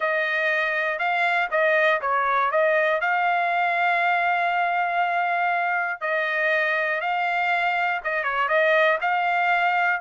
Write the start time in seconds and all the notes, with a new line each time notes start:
0.00 D#5
0.98 F5
1.50 D#5
2.01 C#5
2.51 D#5
3.00 F5
6.00 D#5
7.00 F5
8.04 D#5
8.23 C#5
8.48 D#5
9.01 F5